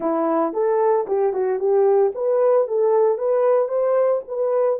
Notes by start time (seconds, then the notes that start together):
0.00 E4
0.53 A4
1.07 G4
1.33 F#4
1.59 G4
2.14 B4
2.67 A4
3.18 B4
3.68 C5
4.28 B4